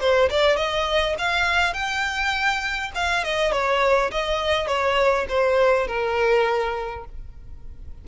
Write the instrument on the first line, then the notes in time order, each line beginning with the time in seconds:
violin
0.00 C5
0.30 D5
0.57 D#5
1.18 F5
1.74 G5
2.95 F5
3.24 D#5
3.52 C#5
4.11 D#5
4.67 C#5
5.29 C5
5.87 A#4